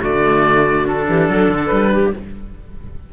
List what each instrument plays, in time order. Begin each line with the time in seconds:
0.00 cello D3 A3, clarinet F#4, oboe D5
0.84 cello D4, oboe A4
1.08 cello E3, clarinet G4
1.28 cello F#3, clarinet A4
1.49 cello D3
1.66 cello G3, oboe B4
1.92 clarinet G4